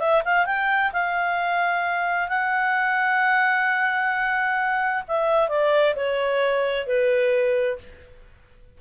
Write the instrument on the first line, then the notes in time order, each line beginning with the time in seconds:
clarinet
0.00 E5
0.25 F5
0.46 G5
0.93 F5
2.29 F#5
5.08 E5
5.49 D5
5.96 C#5
6.87 B4